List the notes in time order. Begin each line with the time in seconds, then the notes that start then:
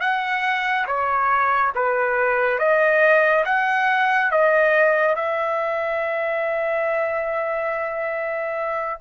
0.00 F#5
0.86 C#5
1.75 B4
2.59 D#5
3.45 F#5
4.31 D#5
5.15 E5